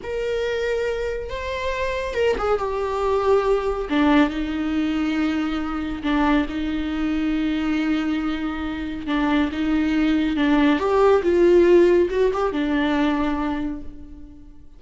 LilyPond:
\new Staff \with { instrumentName = "viola" } { \time 4/4 \tempo 4 = 139 ais'2. c''4~ | c''4 ais'8 gis'8 g'2~ | g'4 d'4 dis'2~ | dis'2 d'4 dis'4~ |
dis'1~ | dis'4 d'4 dis'2 | d'4 g'4 f'2 | fis'8 g'8 d'2. | }